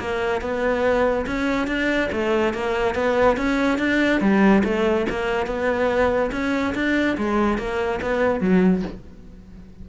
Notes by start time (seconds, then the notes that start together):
0.00 A#3
0.41 B3
1.27 C#4
1.68 D4
2.12 A3
2.54 A#3
2.95 B3
3.37 C#4
3.79 D4
4.21 G3
4.64 A3
5.10 A#3
5.47 B3
6.32 C#4
6.75 D4
7.18 G#3
7.58 A#3
8.02 B3
8.41 F#3